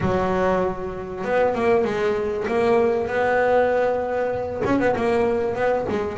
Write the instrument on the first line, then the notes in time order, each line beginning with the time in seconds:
double bass
0.00 F#3
1.24 B3
1.54 A#3
1.84 G#3
2.47 A#3
3.07 B3
4.64 C#4
4.79 B3
4.95 A#3
5.55 B3
5.89 G#3